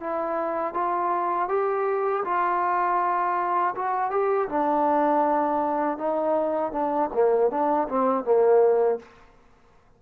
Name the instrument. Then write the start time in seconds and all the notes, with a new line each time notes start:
trombone
0.00 E4
0.74 F4
1.49 G4
2.25 F4
3.75 F#4
4.10 G4
4.49 D4
5.98 D#4
6.72 D4
7.13 A#3
7.50 D4
7.89 C4
8.24 A#3